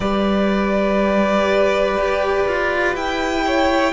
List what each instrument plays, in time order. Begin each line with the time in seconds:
0.00 cello G3, viola G4, violin B4 D5
1.97 cello G4
2.47 cello F4
2.95 cello E4, violin G5
3.46 violin C#5